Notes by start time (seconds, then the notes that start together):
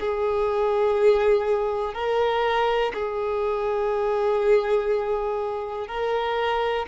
0.00 G#4
1.94 A#4
2.93 G#4
5.87 A#4